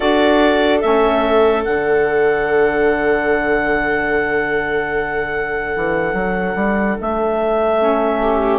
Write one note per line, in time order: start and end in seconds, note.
0.00 0.83 D4
0.00 0.80 F#4
0.00 8.22 A4
0.00 0.80 D5
0.80 1.65 A3
0.80 1.64 C#4
0.80 1.62 E5
1.64 5.76 D3
1.64 7.79 D4
1.64 6.98 F#5
5.76 6.13 E3
6.13 6.54 F#3
6.55 6.96 G3
7.00 8.58 A3
7.00 8.58 E5
7.79 8.58 C#4
8.22 8.58 G4